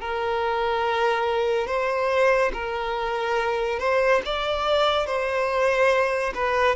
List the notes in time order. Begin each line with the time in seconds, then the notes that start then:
0.00 A#4
1.67 C5
2.53 A#4
3.79 C5
4.25 D5
5.06 C5
6.34 B4